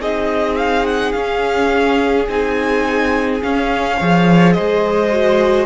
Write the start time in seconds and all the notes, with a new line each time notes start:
0.00 C4 D#4 G#4 D#5
0.57 F5
0.86 F#5
1.12 C#4 F5
2.29 C4 D#4 G#5
3.43 C#4 F5
3.97 F3 G#4 C#5
4.53 C5 D#5
4.59 G#3
5.12 F#4